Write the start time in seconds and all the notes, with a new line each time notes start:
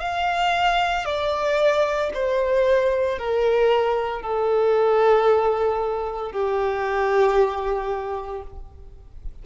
0.00 F5
1.05 D5
2.14 C5
3.19 A#4
4.22 A4
6.33 G4